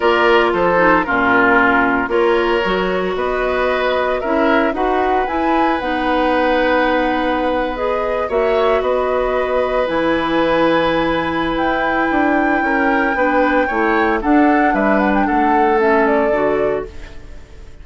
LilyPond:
<<
  \new Staff \with { instrumentName = "flute" } { \time 4/4 \tempo 4 = 114 d''4 c''4 ais'2 | cis''2 dis''2 | e''4 fis''4 gis''4 fis''4~ | fis''2~ fis''8. dis''4 e''16~ |
e''8. dis''2 gis''4~ gis''16~ | gis''2 g''2~ | g''2. fis''4 | e''8 fis''16 g''16 fis''4 e''8 d''4. | }
  \new Staff \with { instrumentName = "oboe" } { \time 4/4 ais'4 a'4 f'2 | ais'2 b'2 | ais'4 b'2.~ | b'2.~ b'8. cis''16~ |
cis''8. b'2.~ b'16~ | b'1 | ais'4 b'4 cis''4 a'4 | b'4 a'2. | }
  \new Staff \with { instrumentName = "clarinet" } { \time 4/4 f'4. dis'8 cis'2 | f'4 fis'2. | e'4 fis'4 e'4 dis'4~ | dis'2~ dis'8. gis'4 fis'16~ |
fis'2~ fis'8. e'4~ e'16~ | e'1~ | e'4 d'4 e'4 d'4~ | d'2 cis'4 fis'4 | }
  \new Staff \with { instrumentName = "bassoon" } { \time 4/4 ais4 f4 ais,2 | ais4 fis4 b2 | cis'4 dis'4 e'4 b4~ | b2.~ b8. ais16~ |
ais8. b2 e4~ e16~ | e2 e'4 d'4 | cis'4 b4 a4 d'4 | g4 a2 d4 | }
>>